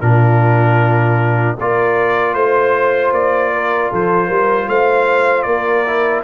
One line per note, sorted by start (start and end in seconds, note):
0.00 1.57 A#2
0.00 1.57 D4
0.00 1.57 F4
0.00 1.56 A#4
1.57 2.34 A#3
1.57 5.86 F4
1.57 2.35 A#4
1.57 2.34 D5
2.34 3.12 A3
2.34 3.12 C5
2.34 3.52 C5
3.12 3.90 A#3
3.12 3.91 D5
3.52 3.90 A#4
3.90 4.29 F3
3.90 4.27 A4
3.90 4.69 C5
4.27 4.67 G3
4.27 4.66 A#4
4.67 5.45 A3
4.67 5.46 C5
4.67 5.42 F5
5.42 6.23 A#3
5.42 6.24 A#4
5.42 6.20 D5
5.86 6.24 E4